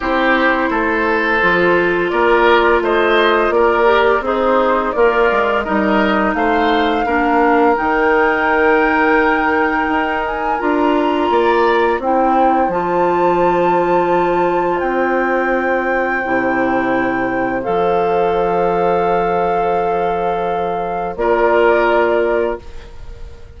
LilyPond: <<
  \new Staff \with { instrumentName = "flute" } { \time 4/4 \tempo 4 = 85 c''2. d''4 | dis''4 d''4 c''4 d''4 | dis''4 f''2 g''4~ | g''2~ g''8 gis''8 ais''4~ |
ais''4 g''4 a''2~ | a''4 g''2.~ | g''4 f''2.~ | f''2 d''2 | }
  \new Staff \with { instrumentName = "oboe" } { \time 4/4 g'4 a'2 ais'4 | c''4 ais'4 dis'4 f'4 | ais'4 c''4 ais'2~ | ais'1 |
d''4 c''2.~ | c''1~ | c''1~ | c''2 ais'2 | }
  \new Staff \with { instrumentName = "clarinet" } { \time 4/4 e'2 f'2~ | f'4. g'8 gis'4 ais'4 | dis'2 d'4 dis'4~ | dis'2. f'4~ |
f'4 e'4 f'2~ | f'2. e'4~ | e'4 a'2.~ | a'2 f'2 | }
  \new Staff \with { instrumentName = "bassoon" } { \time 4/4 c'4 a4 f4 ais4 | a4 ais4 c'4 ais8 gis8 | g4 a4 ais4 dis4~ | dis2 dis'4 d'4 |
ais4 c'4 f2~ | f4 c'2 c4~ | c4 f2.~ | f2 ais2 | }
>>